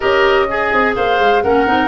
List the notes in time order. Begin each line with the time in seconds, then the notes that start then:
0.00 C#4 G4 A#4 D#5
0.48 G#4
0.73 C4
0.95 A#3 C5 F5
1.19 G#3
1.42 A#3 C#4 A#4 F#5
1.66 C4 D#4